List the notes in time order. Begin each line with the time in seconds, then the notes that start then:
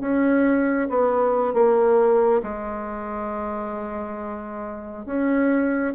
0.00 C#4
0.89 B3
1.54 A#3
2.43 G#3
5.05 C#4